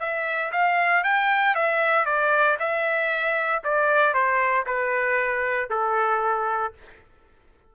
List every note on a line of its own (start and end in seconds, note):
0.00 0.52 E5
0.52 1.04 F5
1.04 1.55 G5
1.55 2.06 E5
2.06 2.57 D5
2.59 3.63 E5
3.64 4.14 D5
4.14 4.66 C5
4.66 5.70 B4
5.70 6.74 A4